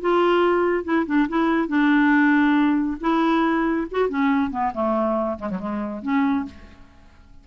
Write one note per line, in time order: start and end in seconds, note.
0.00 0.84 F4
0.84 1.05 E4
1.06 1.27 D4
1.28 1.68 E4
1.68 2.97 D4
3.00 3.87 E4
3.91 4.08 F#4
4.08 4.50 C#4
4.50 4.72 B3
4.74 5.38 A3
5.39 5.50 G#3
5.50 5.59 F#3
5.59 6.02 G#3
6.02 6.45 C#4